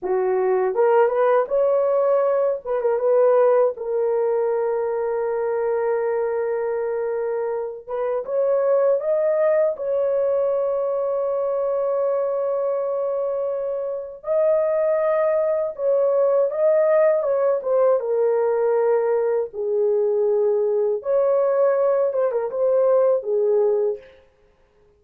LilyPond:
\new Staff \with { instrumentName = "horn" } { \time 4/4 \tempo 4 = 80 fis'4 ais'8 b'8 cis''4. b'16 ais'16 | b'4 ais'2.~ | ais'2~ ais'8 b'8 cis''4 | dis''4 cis''2.~ |
cis''2. dis''4~ | dis''4 cis''4 dis''4 cis''8 c''8 | ais'2 gis'2 | cis''4. c''16 ais'16 c''4 gis'4 | }